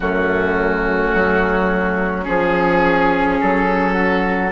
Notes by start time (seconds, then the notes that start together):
0.00 F#2 A3 C#4 F#4
1.13 F#3
2.23 F3 C#4 G#4
3.41 F#3 A4
3.93 F#4